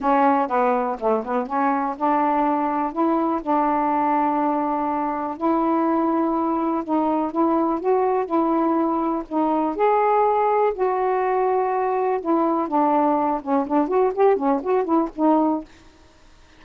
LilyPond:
\new Staff \with { instrumentName = "saxophone" } { \time 4/4 \tempo 4 = 123 cis'4 b4 a8 b8 cis'4 | d'2 e'4 d'4~ | d'2. e'4~ | e'2 dis'4 e'4 |
fis'4 e'2 dis'4 | gis'2 fis'2~ | fis'4 e'4 d'4. cis'8 | d'8 fis'8 g'8 cis'8 fis'8 e'8 dis'4 | }